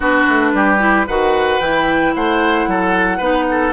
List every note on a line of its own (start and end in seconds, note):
0.00 0.25 B3
0.00 0.78 D4
0.00 0.51 F#4
0.00 1.08 B4
0.28 0.53 A3
0.53 1.06 G3
0.53 1.06 G4
0.78 1.05 E4
1.06 1.59 D#3
1.06 1.61 F#4
1.06 2.14 B4
1.06 1.60 F#5
1.59 2.13 E3
1.59 3.20 E4
1.59 2.14 G5
2.14 2.67 A3
2.14 2.69 C5
2.14 3.73 F#5
2.67 3.19 F#3
2.67 3.17 A4
3.17 3.73 B3
3.17 3.73 D#4
3.17 3.44 B4
3.50 3.73 A4